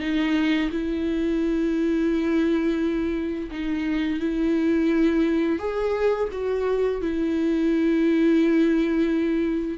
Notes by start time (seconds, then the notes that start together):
0.00 D#4
0.71 E4
3.51 D#4
4.20 E4
5.59 G#4
6.32 F#4
7.01 E4